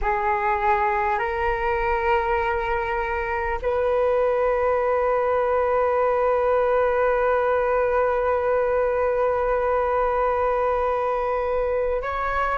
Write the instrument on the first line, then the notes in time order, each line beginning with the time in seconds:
flute
0.01 G#4
1.18 A#4
3.62 B4
12.02 C#5